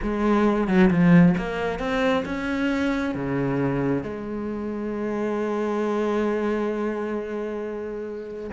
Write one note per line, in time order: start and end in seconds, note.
0.02 0.67 G#3
0.67 0.90 F#3
0.90 1.35 F3
1.37 1.79 A#3
1.79 2.23 C4
2.25 3.14 C#4
3.14 4.03 C#3
4.03 8.50 G#3